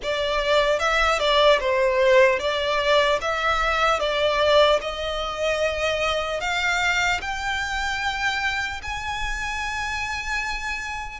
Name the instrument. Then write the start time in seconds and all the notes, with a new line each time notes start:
violin
0.02 D5
0.79 E5
1.19 D5
1.60 C5
2.39 D5
3.21 E5
3.99 D5
4.81 D#5
6.40 F5
7.21 G5
8.82 G#5